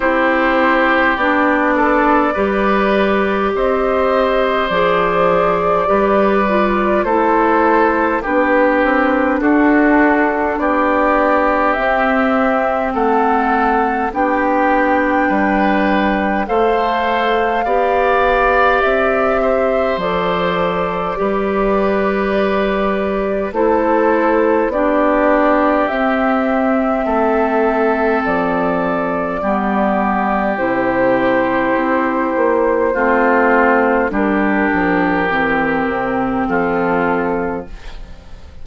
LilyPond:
<<
  \new Staff \with { instrumentName = "flute" } { \time 4/4 \tempo 4 = 51 c''4 d''2 dis''4 | d''2 c''4 b'4 | a'4 d''4 e''4 fis''4 | g''2 f''2 |
e''4 d''2. | c''4 d''4 e''2 | d''2 c''2~ | c''4 ais'2 a'4 | }
  \new Staff \with { instrumentName = "oboe" } { \time 4/4 g'4. a'8 b'4 c''4~ | c''4 b'4 a'4 g'4 | fis'4 g'2 a'4 | g'4 b'4 c''4 d''4~ |
d''8 c''4. b'2 | a'4 g'2 a'4~ | a'4 g'2. | f'4 g'2 f'4 | }
  \new Staff \with { instrumentName = "clarinet" } { \time 4/4 e'4 d'4 g'2 | gis'4 g'8 f'8 e'4 d'4~ | d'2 c'2 | d'2 a'4 g'4~ |
g'4 a'4 g'2 | e'4 d'4 c'2~ | c'4 b4 e'2 | c'4 d'4 c'2 | }
  \new Staff \with { instrumentName = "bassoon" } { \time 4/4 c'4 b4 g4 c'4 | f4 g4 a4 b8 c'8 | d'4 b4 c'4 a4 | b4 g4 a4 b4 |
c'4 f4 g2 | a4 b4 c'4 a4 | f4 g4 c4 c'8 ais8 | a4 g8 f8 e8 c8 f4 | }
>>